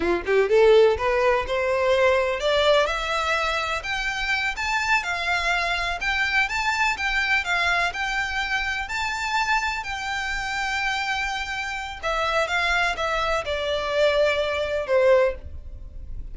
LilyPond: \new Staff \with { instrumentName = "violin" } { \time 4/4 \tempo 4 = 125 f'8 g'8 a'4 b'4 c''4~ | c''4 d''4 e''2 | g''4. a''4 f''4.~ | f''8 g''4 a''4 g''4 f''8~ |
f''8 g''2 a''4.~ | a''8 g''2.~ g''8~ | g''4 e''4 f''4 e''4 | d''2. c''4 | }